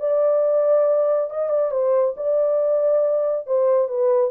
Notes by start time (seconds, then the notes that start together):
0.00 D5
1.30 D#5
1.50 D5
1.71 C5
2.17 D5
3.47 C5
3.89 B4